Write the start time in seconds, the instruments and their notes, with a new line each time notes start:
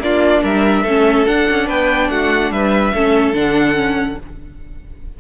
0.00 cello A#3, viola D4, violin F4 D5
0.43 cello G3, violin A#4 E5
0.83 cello A3, viola C#4, violin A4
1.27 viola D4, cello D4, violin F#5
1.50 cello C#4
1.67 cello B3, violin B4 G5
2.10 cello A3, violin F#4 F#5
2.51 cello G3, violin B4 E5
2.94 cello A3, viola C#4, violin A4
3.33 cello D3, viola D4, violin F#5
3.75 viola C#4